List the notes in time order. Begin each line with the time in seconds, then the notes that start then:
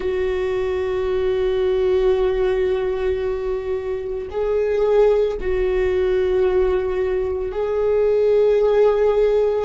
0.00 F#4
4.30 G#4
5.40 F#4
7.51 G#4